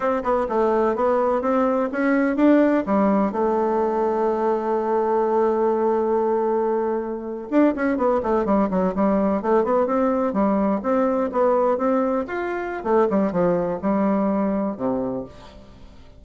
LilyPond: \new Staff \with { instrumentName = "bassoon" } { \time 4/4 \tempo 4 = 126 c'8 b8 a4 b4 c'4 | cis'4 d'4 g4 a4~ | a1~ | a2.~ a8. d'16~ |
d'16 cis'8 b8 a8 g8 fis8 g4 a16~ | a16 b8 c'4 g4 c'4 b16~ | b8. c'4 f'4~ f'16 a8 g8 | f4 g2 c4 | }